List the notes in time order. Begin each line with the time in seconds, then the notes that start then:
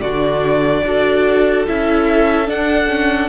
0.00 D3 D4 F#4 D5
0.83 D4 F#4 A4
1.67 C#4 E4 E5
2.46 D4 F#5
2.88 C#4